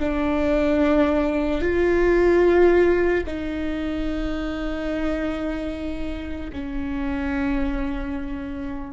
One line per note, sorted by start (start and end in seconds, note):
0.00 1.61 D4
1.61 3.24 F4
3.27 6.51 D#4
6.53 8.93 C#4